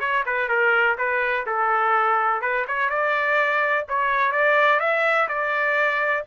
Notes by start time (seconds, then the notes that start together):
0.00 C#5
0.26 B4
0.49 A#4
0.98 B4
1.46 A4
2.42 B4
2.68 C#5
2.90 D5
3.89 C#5
4.32 D5
4.80 E5
5.28 D5